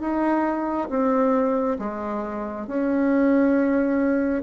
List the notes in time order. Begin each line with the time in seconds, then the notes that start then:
0.00 D#4
0.89 C4
1.79 G#3
2.67 C#4